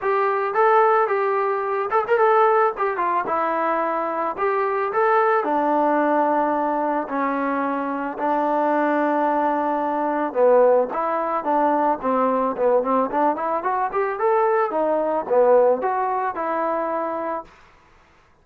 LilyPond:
\new Staff \with { instrumentName = "trombone" } { \time 4/4 \tempo 4 = 110 g'4 a'4 g'4. a'16 ais'16 | a'4 g'8 f'8 e'2 | g'4 a'4 d'2~ | d'4 cis'2 d'4~ |
d'2. b4 | e'4 d'4 c'4 b8 c'8 | d'8 e'8 fis'8 g'8 a'4 dis'4 | b4 fis'4 e'2 | }